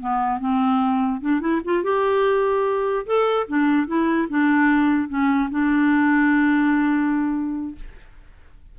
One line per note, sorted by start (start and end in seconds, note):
0.00 0.40 B3
0.40 1.21 C4
1.21 1.41 D4
1.41 1.61 E4
1.64 1.83 F4
1.83 3.06 G4
3.06 3.47 A4
3.48 3.87 D4
3.87 4.28 E4
4.29 5.08 D4
5.08 5.49 C#4
5.50 7.75 D4